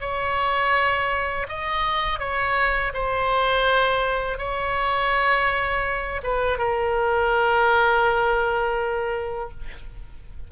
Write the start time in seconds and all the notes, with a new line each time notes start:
0.00 C#5
1.48 D#5
2.19 C#5
2.93 C5
4.38 C#5
6.23 B4
6.58 A#4